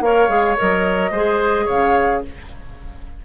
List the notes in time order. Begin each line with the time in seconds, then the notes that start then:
0.00 A#3 A#4 C#5 F5
0.28 G#3 G#4
0.57 F#3 A#4 D#5
1.10 G#3 G#4 C5
1.65 C#3 C#5 F5